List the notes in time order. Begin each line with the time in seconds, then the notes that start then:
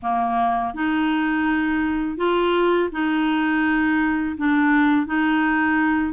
0.02 A#3
0.74 D#4
2.17 F4
2.91 D#4
4.37 D4
5.06 D#4